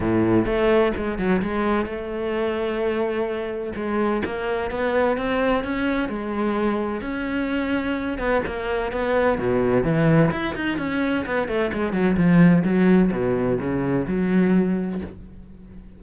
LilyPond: \new Staff \with { instrumentName = "cello" } { \time 4/4 \tempo 4 = 128 a,4 a4 gis8 fis8 gis4 | a1 | gis4 ais4 b4 c'4 | cis'4 gis2 cis'4~ |
cis'4. b8 ais4 b4 | b,4 e4 e'8 dis'8 cis'4 | b8 a8 gis8 fis8 f4 fis4 | b,4 cis4 fis2 | }